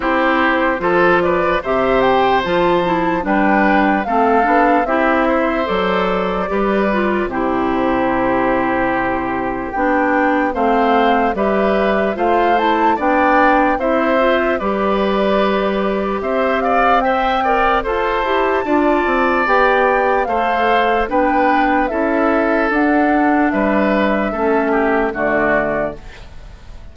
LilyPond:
<<
  \new Staff \with { instrumentName = "flute" } { \time 4/4 \tempo 4 = 74 c''4. d''8 e''8 g''8 a''4 | g''4 f''4 e''4 d''4~ | d''4 c''2. | g''4 f''4 e''4 f''8 a''8 |
g''4 e''4 d''2 | e''8 f''8 g''4 a''2 | g''4 f''4 g''4 e''4 | fis''4 e''2 d''4 | }
  \new Staff \with { instrumentName = "oboe" } { \time 4/4 g'4 a'8 b'8 c''2 | b'4 a'4 g'8 c''4. | b'4 g'2.~ | g'4 c''4 b'4 c''4 |
d''4 c''4 b'2 | c''8 d''8 e''8 d''8 c''4 d''4~ | d''4 c''4 b'4 a'4~ | a'4 b'4 a'8 g'8 fis'4 | }
  \new Staff \with { instrumentName = "clarinet" } { \time 4/4 e'4 f'4 g'4 f'8 e'8 | d'4 c'8 d'8 e'4 a'4 | g'8 f'8 e'2. | d'4 c'4 g'4 f'8 e'8 |
d'4 e'8 f'8 g'2~ | g'4 c''8 ais'8 a'8 g'8 f'4 | g'4 a'4 d'4 e'4 | d'2 cis'4 a4 | }
  \new Staff \with { instrumentName = "bassoon" } { \time 4/4 c'4 f4 c4 f4 | g4 a8 b8 c'4 fis4 | g4 c2. | b4 a4 g4 a4 |
b4 c'4 g2 | c'2 f'8 e'8 d'8 c'8 | b4 a4 b4 cis'4 | d'4 g4 a4 d4 | }
>>